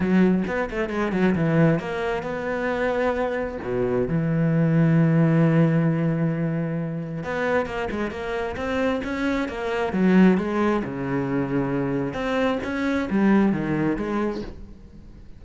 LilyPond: \new Staff \with { instrumentName = "cello" } { \time 4/4 \tempo 4 = 133 fis4 b8 a8 gis8 fis8 e4 | ais4 b2. | b,4 e2.~ | e1 |
b4 ais8 gis8 ais4 c'4 | cis'4 ais4 fis4 gis4 | cis2. c'4 | cis'4 g4 dis4 gis4 | }